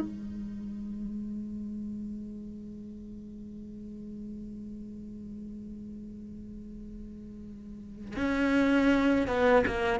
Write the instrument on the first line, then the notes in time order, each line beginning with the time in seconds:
cello
0.00 G#3
8.16 C#4
9.27 B3
9.66 A#3